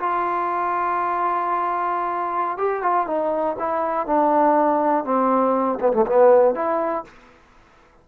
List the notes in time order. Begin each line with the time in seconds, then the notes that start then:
0.00 F4
2.58 G4
2.83 F4
3.07 D#4
3.59 E4
4.07 D4
5.05 C4
5.80 B3
5.94 A3
6.07 B3
6.55 E4